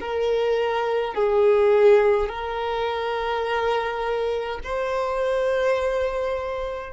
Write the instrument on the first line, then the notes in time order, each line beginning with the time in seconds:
violin
0.00 A#4
1.14 G#4
2.28 A#4
4.63 C5